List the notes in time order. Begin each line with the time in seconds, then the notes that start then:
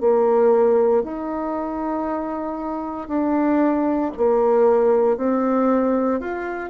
0.00 A#3
1.03 D#4
3.08 D4
4.17 A#3
5.17 C4
6.20 F4